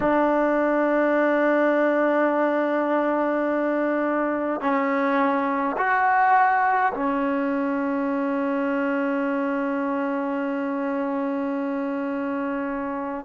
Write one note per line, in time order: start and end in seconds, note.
0.00 4.60 D4
4.60 5.76 C#4
5.77 6.92 F#4
6.93 13.25 C#4